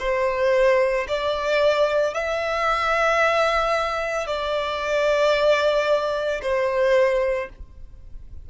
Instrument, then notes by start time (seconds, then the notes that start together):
violin
0.00 C5
1.09 D5
2.15 E5
4.27 D5
6.42 C5